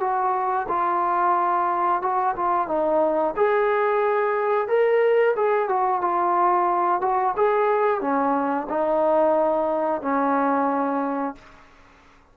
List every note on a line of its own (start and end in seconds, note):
0.00 0.67 F#4
0.68 2.02 F4
2.02 2.35 F#4
2.35 2.67 F4
2.67 3.34 D#4
3.36 4.68 G#4
4.68 5.35 A#4
5.35 5.69 G#4
5.69 6.01 F#4
6.01 7.01 F4
7.01 7.34 F#4
7.36 8.00 G#4
8.00 8.67 C#4
8.69 10.02 D#4
10.02 11.35 C#4